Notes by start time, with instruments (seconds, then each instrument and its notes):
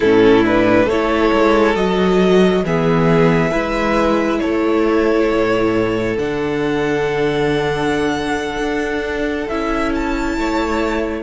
0.00 cello A2, viola C#4, violin E4 A4
0.44 viola D4, violin B4
0.84 cello A3, violin A4 C#5
0.91 viola E4
1.32 cello G#3
1.75 cello F#3, viola F#4, violin D#5
2.63 cello E3, viola B3, violin G#4 E5
3.51 cello G#3, viola E4, violin B4
4.39 cello A3, violin A4 C#5
5.32 cello A2
6.17 cello D3, viola D4, violin F#5
8.58 cello D4
9.48 cello C#4, viola E4, violin E5
9.94 violin A5
10.37 cello A3, violin C#5